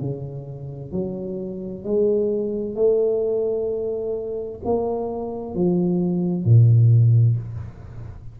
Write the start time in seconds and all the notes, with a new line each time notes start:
0.00 C#3
0.91 F#3
1.84 G#3
2.75 A3
4.64 A#3
5.54 F3
6.44 A#2